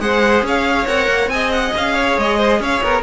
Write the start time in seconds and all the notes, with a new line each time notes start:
0.00 G#3 G#4 C5 F#5
0.43 C#4 C#5 F5
0.87 C4 A#4 F#5
1.08 A#3
1.27 C4 G#4 D#5 G#5
1.52 F#5
1.76 C#4 F5
1.94 C#5
2.18 G#3 D#5
2.38 C5
2.60 C#4 C#5 F5
2.83 B3 A#4